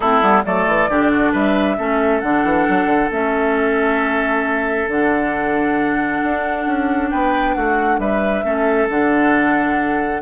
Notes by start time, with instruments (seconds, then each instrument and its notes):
0.00 bassoon A3, clarinet C4, oboe E4, flute A4
0.21 bassoon G3, clarinet B3
0.44 bassoon F#3, clarinet A3, oboe A4, flute D5
0.67 bassoon E3
0.88 bassoon D3, clarinet D4, oboe G4
1.11 oboe F#4
1.32 bassoon G3, oboe B4, flute E5
1.77 bassoon A3, clarinet C#4, oboe A4
2.20 bassoon D3, clarinet D4, flute F#5
2.44 bassoon E3
2.69 bassoon F#3
2.85 bassoon D3
3.10 bassoon A3, clarinet C#4, flute E5
4.87 bassoon D3, clarinet D4, flute F#5
6.23 bassoon D4
6.66 bassoon C#4
7.10 bassoon B3, oboe B4, flute G5
7.54 bassoon A3, oboe F#4, flute F#5
7.98 bassoon G3, oboe B4, flute E5
8.44 bassoon A3, clarinet C#4, oboe A4
8.89 bassoon D3, clarinet D4, flute F#5